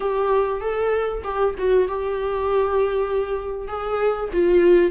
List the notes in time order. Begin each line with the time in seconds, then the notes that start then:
0.00 G4
0.60 A4
1.23 G4
1.58 F#4
1.88 G4
3.67 G#4
4.32 F4